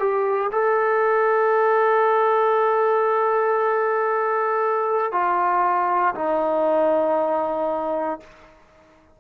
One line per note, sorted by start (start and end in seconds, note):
0.00 0.51 G4
0.52 5.12 A4
5.12 6.15 F4
6.15 8.20 D#4